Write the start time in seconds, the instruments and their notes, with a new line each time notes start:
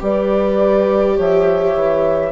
0.00 bassoon G3, viola G4, horn B4, flute D5
1.17 bassoon F3, horn C#5, flute E5
1.75 bassoon E3